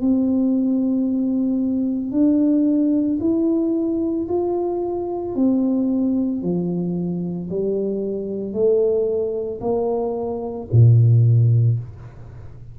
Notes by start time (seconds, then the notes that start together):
0.00 C4
2.11 D4
3.20 E4
4.28 F4
5.35 C4
6.42 F3
7.49 G3
8.53 A3
9.60 A#3
10.71 A#2